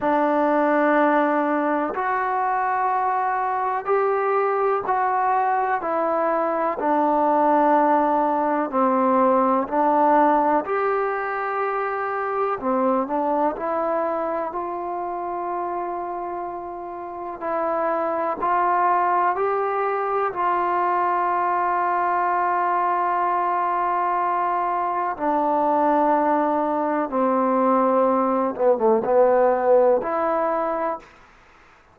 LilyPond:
\new Staff \with { instrumentName = "trombone" } { \time 4/4 \tempo 4 = 62 d'2 fis'2 | g'4 fis'4 e'4 d'4~ | d'4 c'4 d'4 g'4~ | g'4 c'8 d'8 e'4 f'4~ |
f'2 e'4 f'4 | g'4 f'2.~ | f'2 d'2 | c'4. b16 a16 b4 e'4 | }